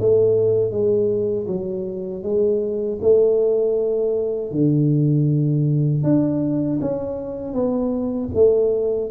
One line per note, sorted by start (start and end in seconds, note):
0.00 0.71 A3
0.71 1.47 G#3
1.47 2.23 F#3
2.23 2.99 G#3
3.01 4.52 A3
4.52 6.03 D3
6.03 6.79 D4
6.81 7.53 C#4
7.53 8.29 B3
8.34 9.10 A3